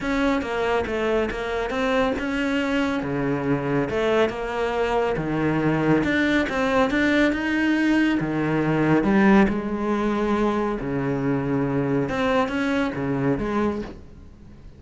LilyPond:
\new Staff \with { instrumentName = "cello" } { \time 4/4 \tempo 4 = 139 cis'4 ais4 a4 ais4 | c'4 cis'2 cis4~ | cis4 a4 ais2 | dis2 d'4 c'4 |
d'4 dis'2 dis4~ | dis4 g4 gis2~ | gis4 cis2. | c'4 cis'4 cis4 gis4 | }